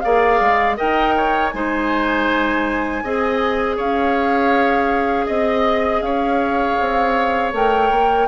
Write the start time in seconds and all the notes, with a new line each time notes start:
0.00 A#3 G#4 D5 F5
0.40 G#3
0.77 D#4 A#4 D#5 G5
1.17 C#5
1.49 G#3 D#4 C5 G#5
3.03 C4 G#4 D#5
3.76 C#4 C#5 F5
5.25 C4 D#5
6.01 C#4 C#5 F5
6.80 C4
7.53 A3 A#4 G5
7.90 A#3